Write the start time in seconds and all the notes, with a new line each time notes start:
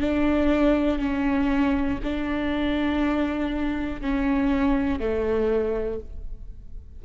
0.00 D4
0.99 C#4
2.03 D4
4.01 C#4
5.00 A3